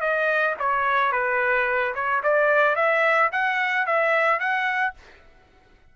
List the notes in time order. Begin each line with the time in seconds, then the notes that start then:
0.00 D#5
0.59 C#5
1.12 B4
1.95 C#5
2.23 D5
2.75 E5
3.31 F#5
3.86 E5
4.39 F#5